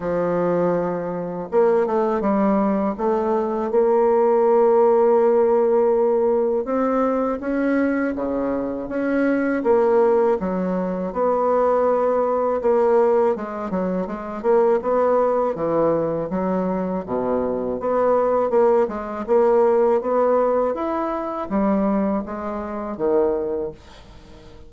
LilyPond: \new Staff \with { instrumentName = "bassoon" } { \time 4/4 \tempo 4 = 81 f2 ais8 a8 g4 | a4 ais2.~ | ais4 c'4 cis'4 cis4 | cis'4 ais4 fis4 b4~ |
b4 ais4 gis8 fis8 gis8 ais8 | b4 e4 fis4 b,4 | b4 ais8 gis8 ais4 b4 | e'4 g4 gis4 dis4 | }